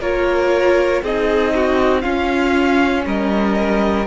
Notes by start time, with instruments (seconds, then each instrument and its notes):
0.00 cello A#3, viola F4, violin A#4 C#5
1.02 cello C4, viola D#4, violin G#4 D#5
1.55 violin F#4
2.01 viola C#4, cello C#4, violin F4 F5
3.06 cello G3, violin A#4 D#5